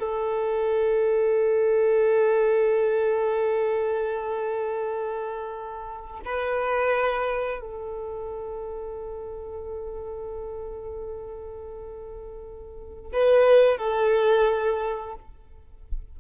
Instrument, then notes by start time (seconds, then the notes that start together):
violin
0.00 A4
6.26 B4
7.61 A4
13.13 B4
13.78 A4